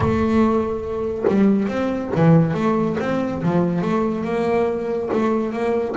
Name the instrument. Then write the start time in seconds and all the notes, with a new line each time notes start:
double bass
0.00 A3
1.28 G3
1.68 C4
2.15 E3
2.54 A3
3.00 C4
3.42 F3
3.81 A3
4.24 A#3
5.13 A3
5.52 A#3